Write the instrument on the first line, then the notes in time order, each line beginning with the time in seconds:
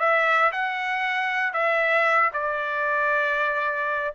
trumpet
0.00 E5
0.52 F#5
1.54 E5
2.34 D5